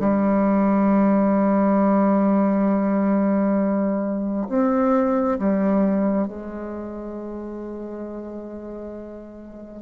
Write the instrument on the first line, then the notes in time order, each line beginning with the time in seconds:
bassoon
0.00 G3
4.49 C4
5.39 G3
6.28 G#3